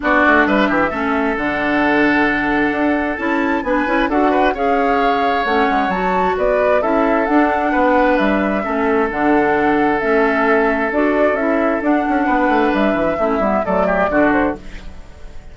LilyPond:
<<
  \new Staff \with { instrumentName = "flute" } { \time 4/4 \tempo 4 = 132 d''4 e''2 fis''4~ | fis''2. a''4 | gis''4 fis''4 f''2 | fis''4 a''4 d''4 e''4 |
fis''2 e''2 | fis''2 e''2 | d''4 e''4 fis''2 | e''2 d''4. c''8 | }
  \new Staff \with { instrumentName = "oboe" } { \time 4/4 fis'4 b'8 g'8 a'2~ | a'1 | b'4 a'8 b'8 cis''2~ | cis''2 b'4 a'4~ |
a'4 b'2 a'4~ | a'1~ | a'2. b'4~ | b'4 e'4 a'8 g'8 fis'4 | }
  \new Staff \with { instrumentName = "clarinet" } { \time 4/4 d'2 cis'4 d'4~ | d'2. e'4 | d'8 e'8 fis'4 gis'2 | cis'4 fis'2 e'4 |
d'2. cis'4 | d'2 cis'2 | fis'4 e'4 d'2~ | d'4 cis'8 b8 a4 d'4 | }
  \new Staff \with { instrumentName = "bassoon" } { \time 4/4 b8 a8 g8 e8 a4 d4~ | d2 d'4 cis'4 | b8 cis'8 d'4 cis'2 | a8 gis8 fis4 b4 cis'4 |
d'4 b4 g4 a4 | d2 a2 | d'4 cis'4 d'8 cis'8 b8 a8 | g8 e8 a8 g8 fis4 d4 | }
>>